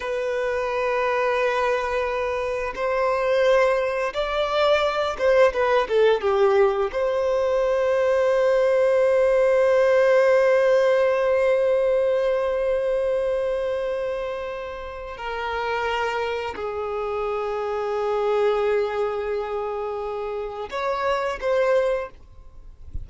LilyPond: \new Staff \with { instrumentName = "violin" } { \time 4/4 \tempo 4 = 87 b'1 | c''2 d''4. c''8 | b'8 a'8 g'4 c''2~ | c''1~ |
c''1~ | c''2 ais'2 | gis'1~ | gis'2 cis''4 c''4 | }